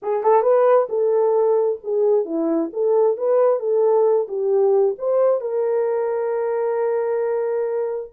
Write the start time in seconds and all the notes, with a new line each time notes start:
0.02 G#4
0.23 A4
0.42 B4
0.89 A4
1.83 G#4
2.25 E4
2.72 A4
3.17 B4
3.59 A4
4.28 G4
4.98 C5
5.40 A#4